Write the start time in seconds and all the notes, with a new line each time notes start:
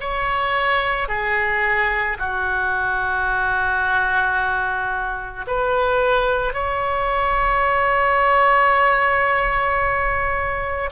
0.00 C#5
1.08 G#4
2.19 F#4
5.47 B4
6.54 C#5